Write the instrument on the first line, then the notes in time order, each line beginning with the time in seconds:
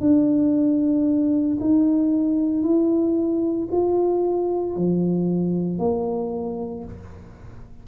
tuba
0.00 D4
1.60 D#4
2.63 E4
3.71 F4
4.76 F3
5.78 A#3